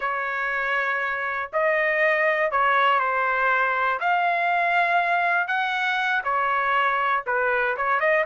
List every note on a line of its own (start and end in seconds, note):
0.00 1.50 C#5
1.52 2.51 D#5
2.51 2.99 C#5
2.99 3.99 C5
4.00 5.47 F5
5.47 6.22 F#5
6.24 7.24 C#5
7.26 7.76 B4
7.76 8.00 C#5
8.00 8.25 D#5